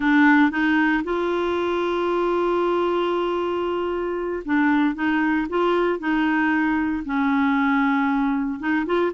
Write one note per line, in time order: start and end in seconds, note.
0.00 0.51 D4
0.51 1.03 D#4
1.03 4.43 F4
4.45 4.94 D4
4.94 5.47 D#4
5.49 5.99 F4
5.99 7.03 D#4
7.05 8.59 C#4
8.59 8.85 D#4
8.86 9.12 F4